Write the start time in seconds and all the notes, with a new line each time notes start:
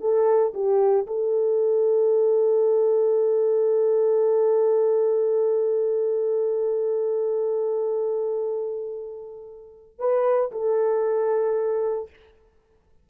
0.00 A4
0.54 G4
1.06 A4
9.98 B4
10.51 A4